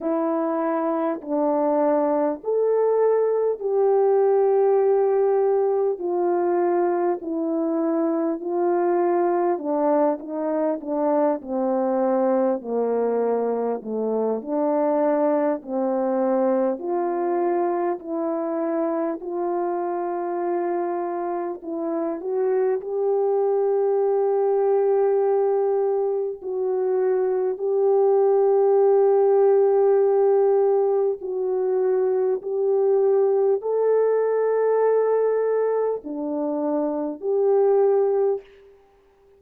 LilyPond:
\new Staff \with { instrumentName = "horn" } { \time 4/4 \tempo 4 = 50 e'4 d'4 a'4 g'4~ | g'4 f'4 e'4 f'4 | d'8 dis'8 d'8 c'4 ais4 a8 | d'4 c'4 f'4 e'4 |
f'2 e'8 fis'8 g'4~ | g'2 fis'4 g'4~ | g'2 fis'4 g'4 | a'2 d'4 g'4 | }